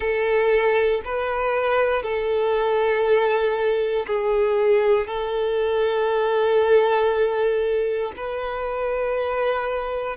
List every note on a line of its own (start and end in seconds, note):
0.00 1.01 A4
1.04 2.02 B4
2.02 4.06 A4
4.07 5.07 G#4
5.07 8.12 A4
8.16 10.16 B4